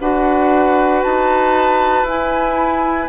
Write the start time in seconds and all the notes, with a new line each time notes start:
0.00 D4 F#4 B4 F#5
1.03 D#4 A5
2.04 E4 G#5